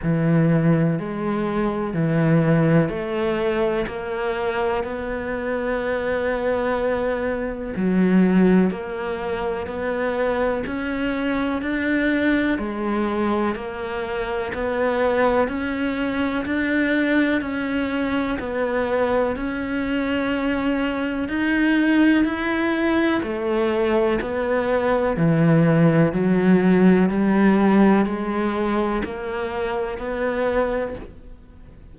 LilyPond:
\new Staff \with { instrumentName = "cello" } { \time 4/4 \tempo 4 = 62 e4 gis4 e4 a4 | ais4 b2. | fis4 ais4 b4 cis'4 | d'4 gis4 ais4 b4 |
cis'4 d'4 cis'4 b4 | cis'2 dis'4 e'4 | a4 b4 e4 fis4 | g4 gis4 ais4 b4 | }